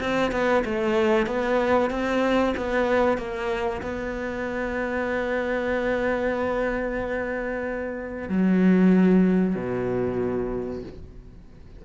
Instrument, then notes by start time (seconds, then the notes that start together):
cello
0.00 C4
0.32 B3
0.65 A3
1.27 B3
1.91 C4
2.57 B3
3.18 A#3
3.82 B3
8.29 F#3
9.55 B2